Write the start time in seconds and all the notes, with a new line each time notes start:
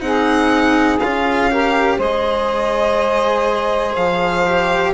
0.00 C4 D#4 G#4 F#5
0.99 C#4 F4 F5
1.50 G4 A#4
1.97 G#3 G#4 C5 D#5
3.95 F3 F5
4.45 G4